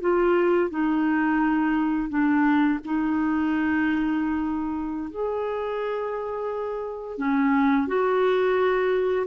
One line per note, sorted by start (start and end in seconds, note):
0.00 0.69 F4
0.69 2.09 D#4
2.09 2.79 D4
2.84 5.10 D#4
5.10 7.18 G#4
7.18 7.87 C#4
7.87 9.26 F#4